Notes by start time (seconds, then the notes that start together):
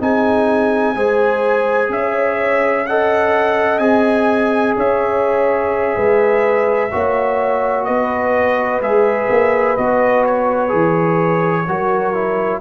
0.00 C4 D#4 G#4 G#5
0.95 G#3 G#4 C5
1.89 C#4 C#5 E5
2.87 A4 D#5 F#5
3.79 C4 G#4 G#5
4.77 C#4 C#5 E5
5.96 G#3 B4
6.92 A#3 F#4 C#5
7.86 B3 B4 D#5
8.81 G#3 G#4 E5
9.30 A#3
9.77 B3 F#4 D#5
10.26 C#5
10.69 E3 G#4
11.68 F#3 F#4 A#4
12.14 E4